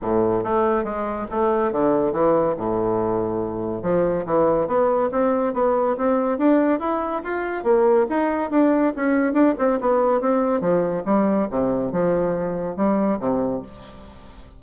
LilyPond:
\new Staff \with { instrumentName = "bassoon" } { \time 4/4 \tempo 4 = 141 a,4 a4 gis4 a4 | d4 e4 a,2~ | a,4 f4 e4 b4 | c'4 b4 c'4 d'4 |
e'4 f'4 ais4 dis'4 | d'4 cis'4 d'8 c'8 b4 | c'4 f4 g4 c4 | f2 g4 c4 | }